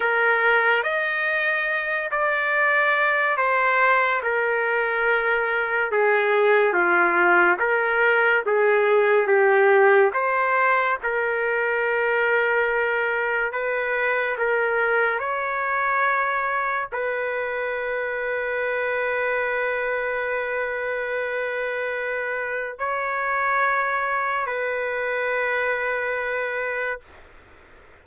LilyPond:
\new Staff \with { instrumentName = "trumpet" } { \time 4/4 \tempo 4 = 71 ais'4 dis''4. d''4. | c''4 ais'2 gis'4 | f'4 ais'4 gis'4 g'4 | c''4 ais'2. |
b'4 ais'4 cis''2 | b'1~ | b'2. cis''4~ | cis''4 b'2. | }